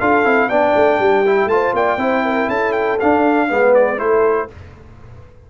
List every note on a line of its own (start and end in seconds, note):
0.00 0.25 D4
0.00 0.25 F4
0.00 0.49 A4
0.00 0.49 F5
0.25 0.49 C4
0.25 0.50 E4
0.49 0.74 B3
0.49 1.25 D4
0.49 0.99 D5
0.49 1.49 G5
0.75 1.00 A3
1.00 1.46 G3
1.00 1.51 G4
1.26 1.50 E4
1.46 1.71 A3
1.46 1.99 F4
1.46 1.74 A5
1.53 1.76 C5
1.74 1.97 A#3
1.74 2.01 D5
1.74 2.50 G5
1.97 2.47 C4
1.97 2.99 E4
1.97 2.25 C5
2.25 2.48 A#4
2.48 2.99 C#4
2.48 3.48 A4
2.48 2.73 A5
2.73 2.98 G5
3.00 3.49 D4
3.00 3.51 D4
3.00 3.75 F5
3.49 4.01 G#3
3.49 3.98 B3
3.49 4.00 B4
3.75 3.99 D5
3.98 4.51 A3
3.98 4.48 E4
3.98 4.50 A4
3.98 4.49 C5